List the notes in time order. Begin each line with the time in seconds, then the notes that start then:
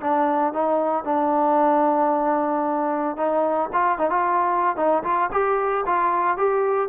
0.00 D4
0.53 D#4
1.04 D4
3.16 D#4
3.73 F4
3.98 D#4
4.10 F4
4.76 D#4
5.03 F4
5.31 G4
5.86 F4
6.37 G4